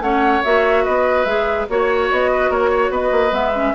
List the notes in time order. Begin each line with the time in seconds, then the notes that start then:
0.00 A3 C#4 C#5 F#5
0.43 A#3 F#4 E5
0.84 B3 B4 D#5
1.25 G#3 G#4 E5
1.69 A#3 F#4 C#5
2.11 B3 D#5
2.31 B4
2.49 A#3 A#4 C#5
2.70 C#5
2.90 B3 B4 D#5
3.11 A#3
3.30 G#3 B3 E5
3.54 C#4